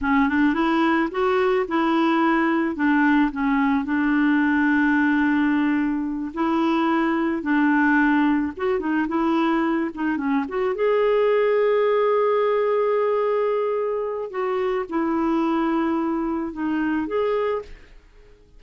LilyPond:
\new Staff \with { instrumentName = "clarinet" } { \time 4/4 \tempo 4 = 109 cis'8 d'8 e'4 fis'4 e'4~ | e'4 d'4 cis'4 d'4~ | d'2.~ d'8 e'8~ | e'4. d'2 fis'8 |
dis'8 e'4. dis'8 cis'8 fis'8 gis'8~ | gis'1~ | gis'2 fis'4 e'4~ | e'2 dis'4 gis'4 | }